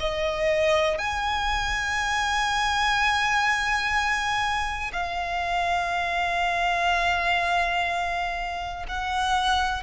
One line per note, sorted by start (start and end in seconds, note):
0.00 0.98 D#5
0.98 4.92 G#5
4.93 8.86 F5
8.88 9.83 F#5